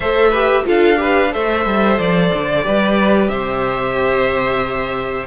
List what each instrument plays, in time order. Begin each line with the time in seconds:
0.00 cello A3, viola A4, violin C5 E5
0.30 viola G4, violin B4
0.64 cello D4, viola F4, violin A4 F5
0.96 viola G4, violin B4
1.30 cello A3, viola A4, violin C5 E5
1.65 cello G3
1.98 cello F3, violin D5
2.33 cello D3
2.62 cello G3, viola G4, violin B4
3.28 cello C3, violin C5 E5